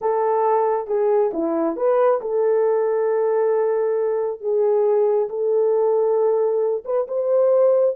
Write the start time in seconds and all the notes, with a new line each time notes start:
0.01 A4
0.87 G#4
1.33 E4
1.76 B4
2.21 A4
4.40 G#4
5.29 A4
6.85 B4
7.07 C5